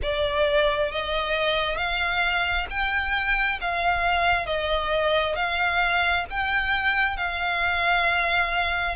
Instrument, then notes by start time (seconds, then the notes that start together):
violin
0.02 D5
0.91 D#5
1.77 F5
2.69 G5
3.60 F5
4.45 D#5
5.35 F5
6.30 G5
7.16 F5